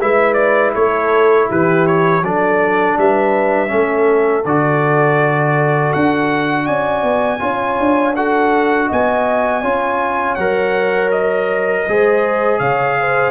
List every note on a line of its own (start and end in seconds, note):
0.00 0.74 G#3
0.00 2.23 E4
0.00 0.75 B4
0.00 0.33 E5
0.33 0.70 D5
0.74 1.49 A3
0.74 1.48 A4
0.74 1.48 C#5
1.48 2.22 E3
1.48 2.23 G4
1.48 1.86 B4
1.86 2.23 C#5
2.22 2.96 F#3
2.22 3.68 D4
2.22 2.98 A4
2.22 2.98 D5
2.97 3.71 G3
2.97 3.71 B4
2.97 4.45 E5
3.68 4.44 A3
3.68 4.42 C#4
3.68 6.65 A4
4.44 5.92 D3
4.44 7.39 F#4
4.44 5.92 D5
5.92 6.68 D4
5.92 6.66 F#5
6.65 7.02 C#4
6.65 7.39 D5
6.65 8.14 G#5
7.02 7.39 B3
7.39 7.79 C#4
7.39 8.13 F4
7.39 8.15 C#5
7.79 8.90 D4
8.15 9.63 F#4
8.15 8.87 A4
8.15 8.89 F#5
8.87 9.63 B3
8.87 9.61 D#5
8.87 10.35 G#5
9.61 10.37 C#4
9.61 10.37 F4
9.61 11.84 C#5
10.35 11.85 F#3
10.35 11.87 A#4
10.35 11.09 F#5
11.11 12.58 D#5
11.87 12.59 G#3
11.87 13.30 G#4
11.87 12.60 C5
12.58 13.30 C#3
12.58 12.97 C#5
12.58 13.30 F5
12.99 13.30 C5